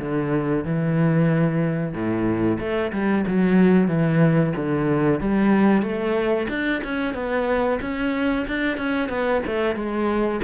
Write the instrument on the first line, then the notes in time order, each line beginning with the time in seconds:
cello
0.00 D3
0.65 E3
1.94 A2
2.60 A3
2.93 G3
3.28 F#3
3.88 E3
4.57 D3
5.21 G3
5.83 A3
6.50 D4
6.84 C#4
7.15 B3
7.81 C#4
8.48 D4
8.78 C#4
9.09 B3
9.47 A3
9.76 G#3